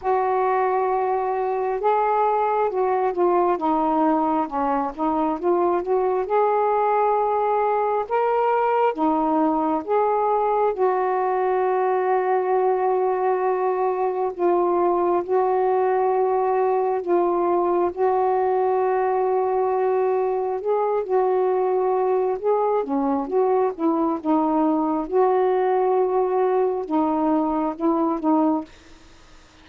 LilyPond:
\new Staff \with { instrumentName = "saxophone" } { \time 4/4 \tempo 4 = 67 fis'2 gis'4 fis'8 f'8 | dis'4 cis'8 dis'8 f'8 fis'8 gis'4~ | gis'4 ais'4 dis'4 gis'4 | fis'1 |
f'4 fis'2 f'4 | fis'2. gis'8 fis'8~ | fis'4 gis'8 cis'8 fis'8 e'8 dis'4 | fis'2 dis'4 e'8 dis'8 | }